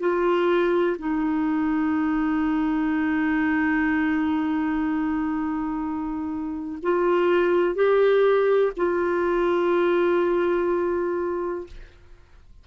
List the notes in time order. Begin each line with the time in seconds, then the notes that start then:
0.00 F4
0.98 D#4
6.83 F4
7.75 G4
8.77 F4